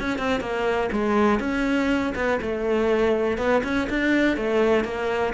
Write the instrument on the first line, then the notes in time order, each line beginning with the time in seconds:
cello
0.00 C#4
0.19 C4
0.40 A#3
0.92 G#3
1.39 C#4
2.15 B3
2.41 A3
3.38 B3
3.63 C#4
3.89 D4
4.37 A3
4.84 A#3